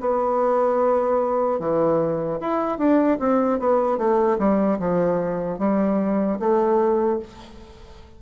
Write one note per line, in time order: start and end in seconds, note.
0.00 1.59 B3
1.59 2.39 E3
2.40 2.78 E4
2.78 3.18 D4
3.19 3.59 C4
3.59 3.98 B3
3.98 4.38 A3
4.39 4.79 G3
4.79 5.59 F3
5.59 6.39 G3
6.39 7.19 A3